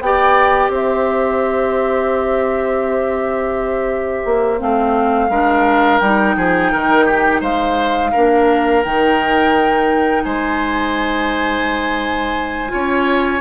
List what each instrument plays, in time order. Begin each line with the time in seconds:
0.00 bassoon B3, clarinet G4, oboe D5, flute G5
0.69 bassoon C4, oboe C5, flute E5
4.25 bassoon A#3
4.59 bassoon A3, clarinet C4, flute F5
5.29 bassoon G#3, clarinet D4, oboe A#4
5.99 bassoon G3, clarinet D#4, flute G5
6.36 bassoon F3, oboe G#4
6.71 bassoon D#3, oboe A#4
7.05 oboe G4
7.40 bassoon G#3, oboe C5, flute F5
8.11 bassoon A#3, clarinet D4, oboe A#4
8.82 bassoon D#3, clarinet D#4, flute G5
10.24 bassoon G#3, oboe C5, flute G#5
12.68 bassoon C#4, clarinet F4, oboe C#5